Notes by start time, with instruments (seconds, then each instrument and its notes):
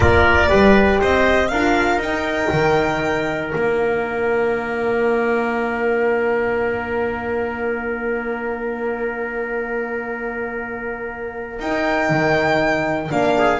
0.00 double bass A#3, horn F4, trumpet A#4, violin D5
0.48 double bass G3, horn G4, trumpet B4
1.00 double bass C4, trumpet C5, violin D#5
1.48 double bass D4, horn F4, trumpet A#4, violin F5
1.97 double bass D#4, horn D#4, violin G5
2.52 double bass D#3
3.52 double bass A#3, horn D4, violin F5
11.59 double bass D#4, horn D#4, violin G5
12.09 double bass D#3
13.10 double bass A#3, horn D4, violin F5
13.37 trumpet G#4